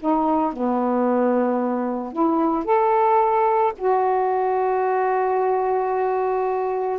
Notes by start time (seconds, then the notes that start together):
0.00 D#4
0.53 B3
2.13 E4
2.65 A4
3.78 F#4